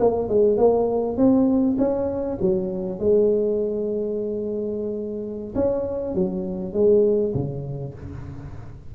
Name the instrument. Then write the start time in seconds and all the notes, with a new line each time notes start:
tuba
0.00 A#3
0.29 G#3
0.58 A#3
1.17 C4
1.79 C#4
2.41 F#3
3.00 G#3
5.55 C#4
6.15 F#3
6.74 G#3
7.34 C#3